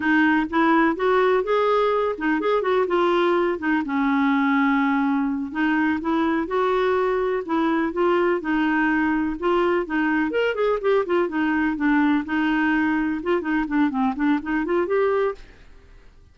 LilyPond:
\new Staff \with { instrumentName = "clarinet" } { \time 4/4 \tempo 4 = 125 dis'4 e'4 fis'4 gis'4~ | gis'8 dis'8 gis'8 fis'8 f'4. dis'8 | cis'2.~ cis'8 dis'8~ | dis'8 e'4 fis'2 e'8~ |
e'8 f'4 dis'2 f'8~ | f'8 dis'4 ais'8 gis'8 g'8 f'8 dis'8~ | dis'8 d'4 dis'2 f'8 | dis'8 d'8 c'8 d'8 dis'8 f'8 g'4 | }